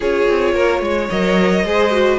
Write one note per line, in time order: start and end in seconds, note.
0.00 0.28 C#4
0.00 1.10 F4
0.00 0.53 G#4
0.00 1.09 C#5
0.28 0.55 C4
0.53 0.81 A#3
0.53 0.81 A#4
0.81 1.08 G#3
0.81 1.66 C#5
1.09 1.64 F#3
1.09 1.65 A#4
1.09 2.18 D#5
1.64 2.18 G#3
1.64 1.91 G#4
1.64 2.18 C5
1.91 2.18 F#4